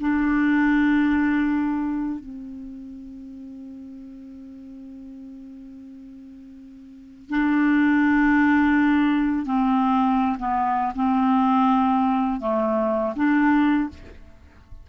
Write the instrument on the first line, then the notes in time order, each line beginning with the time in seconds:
clarinet
0.00 D4
2.20 C4
7.30 D4
9.46 C4
10.38 B3
10.95 C4
12.41 A3
13.16 D4